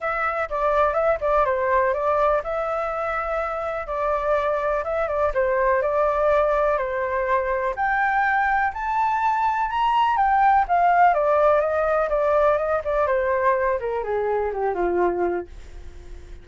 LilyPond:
\new Staff \with { instrumentName = "flute" } { \time 4/4 \tempo 4 = 124 e''4 d''4 e''8 d''8 c''4 | d''4 e''2. | d''2 e''8 d''8 c''4 | d''2 c''2 |
g''2 a''2 | ais''4 g''4 f''4 d''4 | dis''4 d''4 dis''8 d''8 c''4~ | c''8 ais'8 gis'4 g'8 f'4. | }